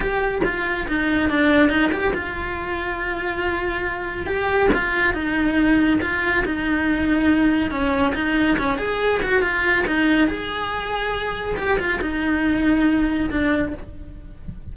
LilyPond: \new Staff \with { instrumentName = "cello" } { \time 4/4 \tempo 4 = 140 g'4 f'4 dis'4 d'4 | dis'8 g'8 f'2.~ | f'2 g'4 f'4 | dis'2 f'4 dis'4~ |
dis'2 cis'4 dis'4 | cis'8 gis'4 fis'8 f'4 dis'4 | gis'2. g'8 f'8 | dis'2. d'4 | }